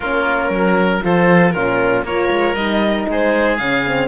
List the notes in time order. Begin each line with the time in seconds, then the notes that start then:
0.00 A#3 C#4 F4 A#4
0.49 F#3 A#4
1.01 F3 F4 A4 C5
1.51 A#2 C#4 F4 A#4
2.03 A#3 F4 A#4 C#5
2.30 G#3
2.54 G3 D#4 D#5
3.08 G#3 G#4 C5
3.57 C#3 C#4 F5
3.85 C4